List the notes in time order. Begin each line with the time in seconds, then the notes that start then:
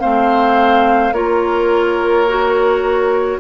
0.00 A3 C4 C5 F5
1.12 A#3 F4 A#4 C#5
2.28 F#4